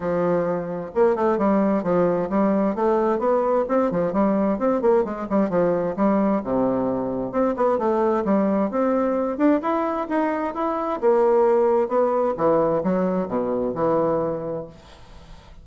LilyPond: \new Staff \with { instrumentName = "bassoon" } { \time 4/4 \tempo 4 = 131 f2 ais8 a8 g4 | f4 g4 a4 b4 | c'8 f8 g4 c'8 ais8 gis8 g8 | f4 g4 c2 |
c'8 b8 a4 g4 c'4~ | c'8 d'8 e'4 dis'4 e'4 | ais2 b4 e4 | fis4 b,4 e2 | }